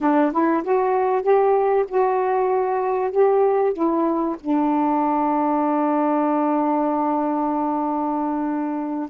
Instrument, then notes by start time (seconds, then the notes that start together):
saxophone
0.00 D4
0.32 E4
0.63 F#4
1.22 G4
1.88 F#4
3.11 G4
3.73 E4
4.40 D4